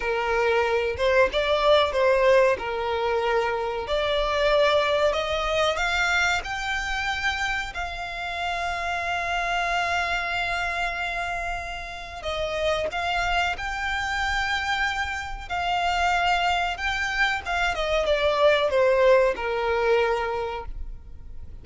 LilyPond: \new Staff \with { instrumentName = "violin" } { \time 4/4 \tempo 4 = 93 ais'4. c''8 d''4 c''4 | ais'2 d''2 | dis''4 f''4 g''2 | f''1~ |
f''2. dis''4 | f''4 g''2. | f''2 g''4 f''8 dis''8 | d''4 c''4 ais'2 | }